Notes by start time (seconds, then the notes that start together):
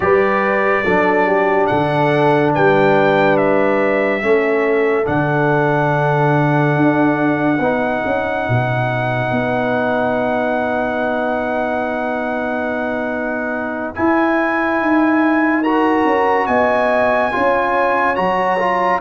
0.00 G3 G4 B4 D5
0.84 F#3 D4 A4
1.26 G4
1.66 D3 A4 F#5
2.54 G3 B4 G5
3.37 E5
4.22 A3 C#4 A4
5.04 D3 D4 F#5
6.76 D4
7.59 B3 D#4 B4
8.05 C#4
8.48 B2
9.31 B3
13.94 E4 G#5
14.80 D#4
15.61 F#4 A#4 A#5
16.04 C#4
16.46 B3 D#5 G#5
17.31 C#4 F4 C#5
18.15 F#3 F#4 A#5
18.59 F4